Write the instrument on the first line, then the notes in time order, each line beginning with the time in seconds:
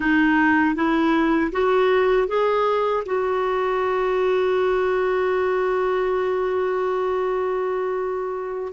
clarinet
0.00 D#4
0.75 E4
1.52 F#4
2.28 G#4
3.06 F#4